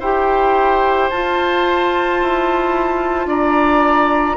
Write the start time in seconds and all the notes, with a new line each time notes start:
0.00 E4 G4 C5 G5
1.10 F4 A5
2.22 E4
3.26 D4 D5 A#5